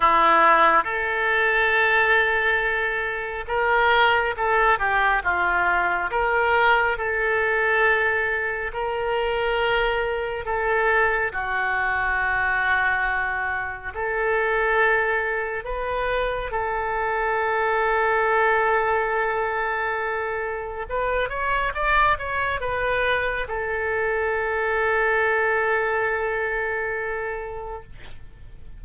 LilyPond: \new Staff \with { instrumentName = "oboe" } { \time 4/4 \tempo 4 = 69 e'4 a'2. | ais'4 a'8 g'8 f'4 ais'4 | a'2 ais'2 | a'4 fis'2. |
a'2 b'4 a'4~ | a'1 | b'8 cis''8 d''8 cis''8 b'4 a'4~ | a'1 | }